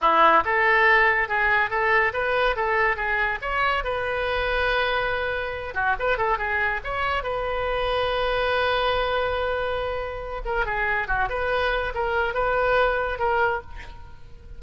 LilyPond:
\new Staff \with { instrumentName = "oboe" } { \time 4/4 \tempo 4 = 141 e'4 a'2 gis'4 | a'4 b'4 a'4 gis'4 | cis''4 b'2.~ | b'4. fis'8 b'8 a'8 gis'4 |
cis''4 b'2.~ | b'1~ | b'8 ais'8 gis'4 fis'8 b'4. | ais'4 b'2 ais'4 | }